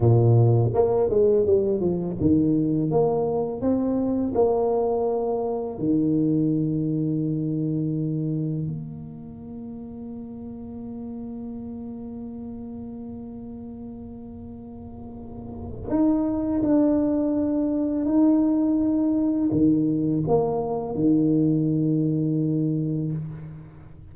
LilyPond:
\new Staff \with { instrumentName = "tuba" } { \time 4/4 \tempo 4 = 83 ais,4 ais8 gis8 g8 f8 dis4 | ais4 c'4 ais2 | dis1 | ais1~ |
ais1~ | ais2 dis'4 d'4~ | d'4 dis'2 dis4 | ais4 dis2. | }